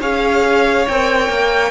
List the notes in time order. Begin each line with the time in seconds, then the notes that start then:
0.00 C#4 G#4 C#5 F5
0.88 C4 A#4 G5
1.29 A#3